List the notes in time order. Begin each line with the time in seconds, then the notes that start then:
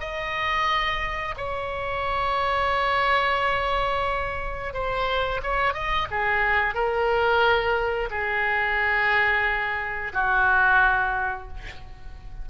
0.00 D#5
1.37 C#5
4.74 C5
5.43 C#5
5.74 D#5
6.11 G#4
6.74 A#4
8.11 G#4
10.13 F#4